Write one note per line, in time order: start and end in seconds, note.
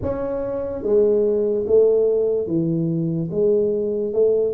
0.02 0.83 C#4
0.83 1.65 G#3
1.67 2.47 A3
2.47 3.29 E3
3.31 4.13 G#3
4.13 4.53 A3